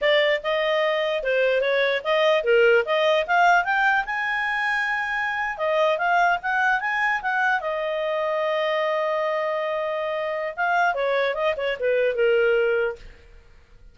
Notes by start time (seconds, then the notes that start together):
0.01 D5
0.43 D#5
1.23 C5
1.61 C#5
2.03 D#5
2.43 A#4
2.85 D#5
3.26 F5
3.64 G5
4.05 G#5
5.57 D#5
5.98 F5
6.42 F#5
6.80 G#5
7.22 F#5
7.60 D#5
10.56 F5
10.94 C#5
11.34 D#5
11.57 C#5
11.79 B4
12.15 A#4